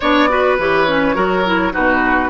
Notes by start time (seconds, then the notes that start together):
0.00 B3 D4 C#5 D5
0.29 F#4 B4
0.58 E3 G4 C#5
0.87 C#4
1.15 F#3 F#4 A#4
1.45 E4
1.71 B2 D#4 F#4 B4